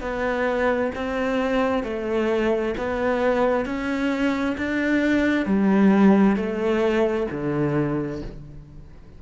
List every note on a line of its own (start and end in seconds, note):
0.00 0.91 B3
0.95 1.83 C4
1.83 2.74 A3
2.77 3.65 B3
3.65 4.56 C#4
4.57 5.45 D4
5.45 6.36 G3
6.36 7.27 A3
7.31 8.21 D3